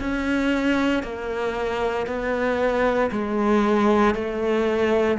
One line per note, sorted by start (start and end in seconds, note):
0.00 1.03 C#4
1.03 2.07 A#3
2.07 3.10 B3
3.12 4.15 G#3
4.15 5.18 A3